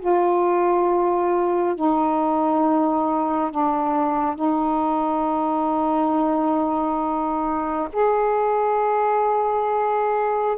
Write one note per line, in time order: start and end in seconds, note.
0.00 1.76 F4
1.76 3.51 D#4
3.51 4.36 D4
4.36 7.89 D#4
7.93 10.58 G#4